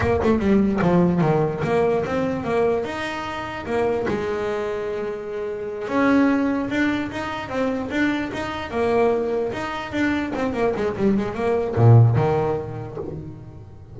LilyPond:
\new Staff \with { instrumentName = "double bass" } { \time 4/4 \tempo 4 = 148 ais8 a8 g4 f4 dis4 | ais4 c'4 ais4 dis'4~ | dis'4 ais4 gis2~ | gis2~ gis8 cis'4.~ |
cis'8 d'4 dis'4 c'4 d'8~ | d'8 dis'4 ais2 dis'8~ | dis'8 d'4 c'8 ais8 gis8 g8 gis8 | ais4 ais,4 dis2 | }